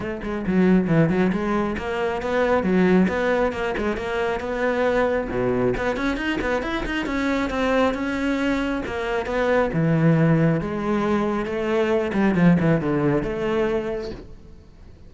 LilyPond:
\new Staff \with { instrumentName = "cello" } { \time 4/4 \tempo 4 = 136 a8 gis8 fis4 e8 fis8 gis4 | ais4 b4 fis4 b4 | ais8 gis8 ais4 b2 | b,4 b8 cis'8 dis'8 b8 e'8 dis'8 |
cis'4 c'4 cis'2 | ais4 b4 e2 | gis2 a4. g8 | f8 e8 d4 a2 | }